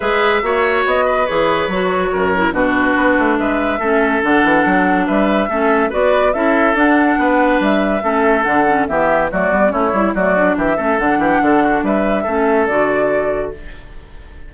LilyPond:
<<
  \new Staff \with { instrumentName = "flute" } { \time 4/4 \tempo 4 = 142 e''2 dis''4 cis''4~ | cis''2 b'2 | e''2 fis''2 | e''2 d''4 e''4 |
fis''2 e''2 | fis''4 e''4 d''4 cis''4 | d''4 e''4 fis''2 | e''2 d''2 | }
  \new Staff \with { instrumentName = "oboe" } { \time 4/4 b'4 cis''4. b'4.~ | b'4 ais'4 fis'2 | b'4 a'2. | b'4 a'4 b'4 a'4~ |
a'4 b'2 a'4~ | a'4 g'4 fis'4 e'4 | fis'4 g'8 a'4 g'8 a'8 fis'8 | b'4 a'2. | }
  \new Staff \with { instrumentName = "clarinet" } { \time 4/4 gis'4 fis'2 gis'4 | fis'4. e'8 d'2~ | d'4 cis'4 d'2~ | d'4 cis'4 fis'4 e'4 |
d'2. cis'4 | d'8 cis'8 b4 a8 b8 cis'8 e'8 | a8 d'4 cis'8 d'2~ | d'4 cis'4 fis'2 | }
  \new Staff \with { instrumentName = "bassoon" } { \time 4/4 gis4 ais4 b4 e4 | fis4 fis,4 b,4 b8 a8 | gis4 a4 d8 e8 fis4 | g4 a4 b4 cis'4 |
d'4 b4 g4 a4 | d4 e4 fis8 g8 a8 g8 | fis4 e8 a8 d8 e8 d4 | g4 a4 d2 | }
>>